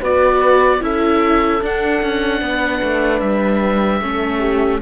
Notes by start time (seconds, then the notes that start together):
0.00 B3 F#4 B4 D5
0.80 C#4 E4 A4 E5
1.62 D4 F#5
2.02 C#4
2.41 B3 B4
2.83 A3
3.20 G3 E5
4.01 A3 C#4 A4
4.39 G4